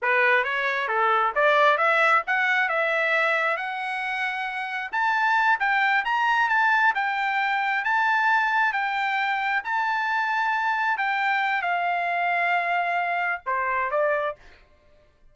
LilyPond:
\new Staff \with { instrumentName = "trumpet" } { \time 4/4 \tempo 4 = 134 b'4 cis''4 a'4 d''4 | e''4 fis''4 e''2 | fis''2. a''4~ | a''8 g''4 ais''4 a''4 g''8~ |
g''4. a''2 g''8~ | g''4. a''2~ a''8~ | a''8 g''4. f''2~ | f''2 c''4 d''4 | }